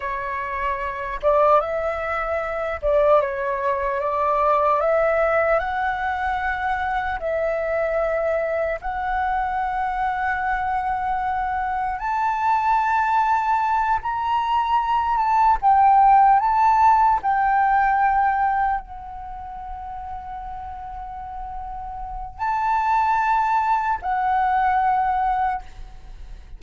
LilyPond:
\new Staff \with { instrumentName = "flute" } { \time 4/4 \tempo 4 = 75 cis''4. d''8 e''4. d''8 | cis''4 d''4 e''4 fis''4~ | fis''4 e''2 fis''4~ | fis''2. a''4~ |
a''4. ais''4. a''8 g''8~ | g''8 a''4 g''2 fis''8~ | fis''1 | a''2 fis''2 | }